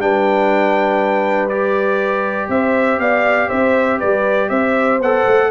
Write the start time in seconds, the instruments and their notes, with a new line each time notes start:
0.00 tuba G3, trombone D4, horn B4, trumpet G5
1.49 trombone G4, trumpet D5
2.49 tuba C4, horn C5, trumpet E5
2.99 tuba B3, horn D5, trumpet F5
3.49 tuba C4, horn C5, trumpet E5
3.99 tuba G3, horn B4, trumpet D5
4.49 tuba C4, horn C5, trumpet E5
5.00 tuba B3, trombone A4, trumpet F#5
5.27 tuba A3